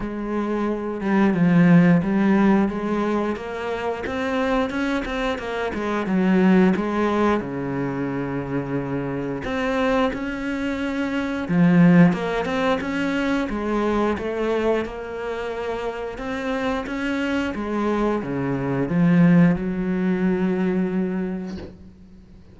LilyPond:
\new Staff \with { instrumentName = "cello" } { \time 4/4 \tempo 4 = 89 gis4. g8 f4 g4 | gis4 ais4 c'4 cis'8 c'8 | ais8 gis8 fis4 gis4 cis4~ | cis2 c'4 cis'4~ |
cis'4 f4 ais8 c'8 cis'4 | gis4 a4 ais2 | c'4 cis'4 gis4 cis4 | f4 fis2. | }